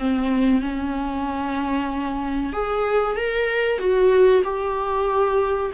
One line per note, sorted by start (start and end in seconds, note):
0.00 0.62 C4
0.62 2.53 C#4
2.53 3.17 G#4
3.17 3.79 A#4
3.79 4.43 F#4
4.44 5.72 G4